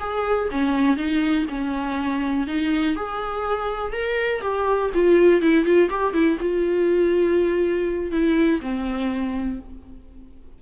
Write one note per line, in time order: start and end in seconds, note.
0.00 0.49 G#4
0.51 0.97 C#4
0.97 1.46 D#4
1.49 2.47 C#4
2.47 2.96 D#4
2.96 3.93 G#4
3.93 4.41 A#4
4.41 4.90 G4
4.94 5.42 F4
5.42 5.65 E4
5.65 5.89 F4
5.90 6.13 G4
6.13 6.38 E4
6.40 8.11 F4
8.11 8.60 E4
8.61 9.60 C4